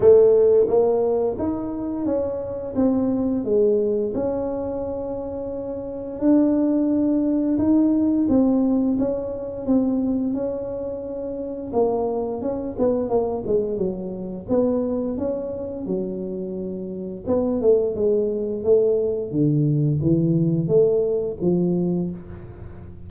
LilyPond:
\new Staff \with { instrumentName = "tuba" } { \time 4/4 \tempo 4 = 87 a4 ais4 dis'4 cis'4 | c'4 gis4 cis'2~ | cis'4 d'2 dis'4 | c'4 cis'4 c'4 cis'4~ |
cis'4 ais4 cis'8 b8 ais8 gis8 | fis4 b4 cis'4 fis4~ | fis4 b8 a8 gis4 a4 | d4 e4 a4 f4 | }